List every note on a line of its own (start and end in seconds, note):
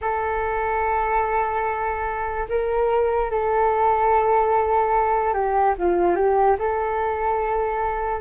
0.01 2.47 A4
2.48 3.30 A#4
3.30 5.33 A4
5.33 5.74 G4
5.78 6.15 F4
6.15 6.56 G4
6.58 8.20 A4